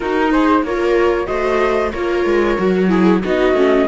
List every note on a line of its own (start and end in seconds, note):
0.00 0.62 D#4
0.00 0.65 D#4
0.00 0.31 F#4
0.00 0.31 A#4
0.31 0.65 G#4
0.31 0.64 C5
0.62 1.27 A#3
0.62 1.25 F4
0.62 1.28 A#4
0.62 1.26 C#5
1.25 1.93 A3
1.25 1.90 F#4
1.25 1.92 C5
1.25 1.90 D#5
1.92 2.25 A#3
1.92 2.58 F4
1.92 2.89 A#4
1.92 3.21 C#5
2.25 2.57 G#3
2.58 3.23 F#3
2.58 2.88 F#4
2.88 3.20 E4
2.88 3.22 G#4
3.23 3.53 B3
3.23 3.55 D#4
3.23 3.87 F#4
3.23 3.88 D#5
3.53 3.85 A3
3.53 3.87 C#4